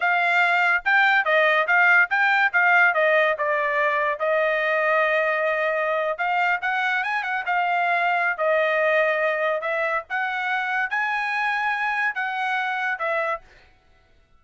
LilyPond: \new Staff \with { instrumentName = "trumpet" } { \time 4/4 \tempo 4 = 143 f''2 g''4 dis''4 | f''4 g''4 f''4 dis''4 | d''2 dis''2~ | dis''2~ dis''8. f''4 fis''16~ |
fis''8. gis''8 fis''8 f''2~ f''16 | dis''2. e''4 | fis''2 gis''2~ | gis''4 fis''2 e''4 | }